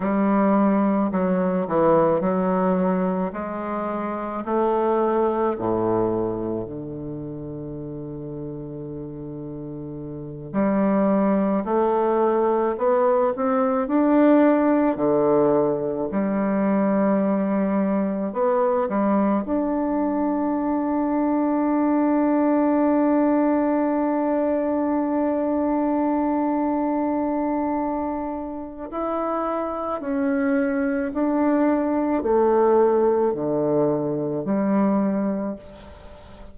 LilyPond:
\new Staff \with { instrumentName = "bassoon" } { \time 4/4 \tempo 4 = 54 g4 fis8 e8 fis4 gis4 | a4 a,4 d2~ | d4. g4 a4 b8 | c'8 d'4 d4 g4.~ |
g8 b8 g8 d'2~ d'8~ | d'1~ | d'2 e'4 cis'4 | d'4 a4 d4 g4 | }